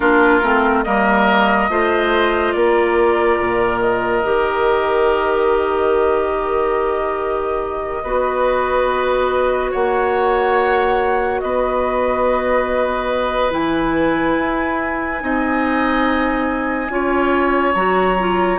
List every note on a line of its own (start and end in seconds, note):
0.00 0.41 A#3
0.00 0.41 D4
0.00 0.84 F4
0.00 0.83 A#4
0.42 0.84 A3
0.42 0.85 C4
0.83 1.69 G3
0.83 1.69 A#3
0.83 1.70 A#4
0.83 2.52 D#5
1.69 2.53 A3
1.69 4.23 F4
1.69 2.55 C5
2.52 3.39 A#3
2.52 8.03 A#4
2.52 3.79 D5
3.39 4.24 A#2
3.80 9.72 D#5
4.23 8.03 D#3
4.23 8.04 G4
8.03 9.72 B3
8.03 13.51 F#4
8.03 9.71 B4
9.71 11.42 A#3
9.71 11.40 C#5
9.71 11.40 F#5
11.40 13.52 B3
11.40 15.23 B4
11.40 13.51 D#5
13.51 14.36 E3
13.51 15.19 E4
13.51 17.74 G#5
14.37 15.22 E4
15.19 16.89 C4
15.19 16.88 D#4
15.19 16.92 D#5
16.89 17.73 C#4
16.89 17.74 F4
16.89 18.58 C#5
17.74 18.58 F#3
17.74 18.17 F#4
17.74 18.58 A#5
18.19 18.58 F4